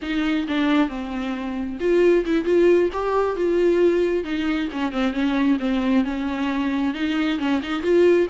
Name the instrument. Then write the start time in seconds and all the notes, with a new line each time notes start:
viola
0.02 D#4
0.48 D4
0.88 C4
1.80 F4
2.25 E4
2.44 F4
2.92 G4
3.36 F4
4.24 D#4
4.72 C#4
4.91 C4
5.13 C#4
5.59 C4
6.04 C#4
6.94 D#4
7.38 C#4
7.62 D#4
7.82 F4